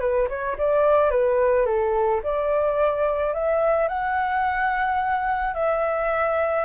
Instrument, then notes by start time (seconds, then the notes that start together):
flute
0.00 B4
0.29 C#5
0.58 D5
1.10 B4
1.66 A4
2.23 D5
3.34 E5
3.88 F#5
5.54 E5